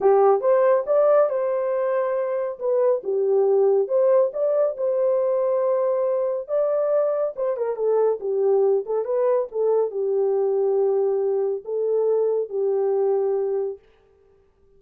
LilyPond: \new Staff \with { instrumentName = "horn" } { \time 4/4 \tempo 4 = 139 g'4 c''4 d''4 c''4~ | c''2 b'4 g'4~ | g'4 c''4 d''4 c''4~ | c''2. d''4~ |
d''4 c''8 ais'8 a'4 g'4~ | g'8 a'8 b'4 a'4 g'4~ | g'2. a'4~ | a'4 g'2. | }